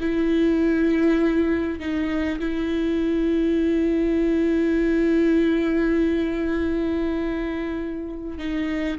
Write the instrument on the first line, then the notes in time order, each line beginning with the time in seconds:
viola
0.00 E4
1.79 D#4
2.40 E4
8.38 D#4